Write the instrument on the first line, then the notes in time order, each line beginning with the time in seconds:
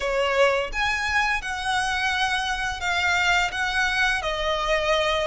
violin
0.00 C#5
0.72 G#5
1.41 F#5
2.80 F5
3.51 F#5
4.22 D#5